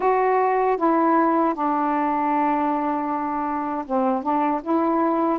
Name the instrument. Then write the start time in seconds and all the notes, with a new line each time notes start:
saxophone
0.00 F#4
0.77 E4
1.54 D4
3.85 C4
4.22 D4
4.63 E4